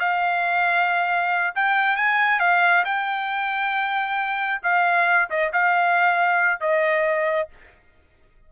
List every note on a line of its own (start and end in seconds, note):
0.00 1.54 F5
1.56 1.97 G5
1.97 2.40 G#5
2.40 2.84 F5
2.85 4.62 G5
4.63 5.29 F5
5.30 5.52 D#5
5.53 6.61 F5
6.61 7.49 D#5